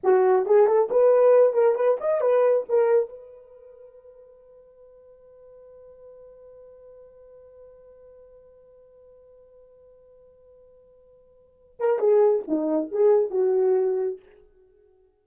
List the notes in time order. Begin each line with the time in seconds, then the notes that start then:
0.03 F#4
0.45 G#4
0.66 A4
0.90 B4
1.53 A#4
1.75 B4
2.00 D#5
2.20 B4
2.68 A#4
3.09 B4
11.79 A#4
11.99 G#4
12.47 D#4
12.91 G#4
13.30 F#4